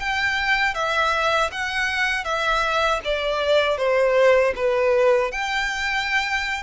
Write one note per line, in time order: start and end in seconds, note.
0.00 0.74 G5
0.74 1.50 E5
1.52 2.24 F#5
2.24 3.00 E5
3.04 3.78 D5
3.78 4.54 C5
4.56 5.32 B4
5.32 6.63 G5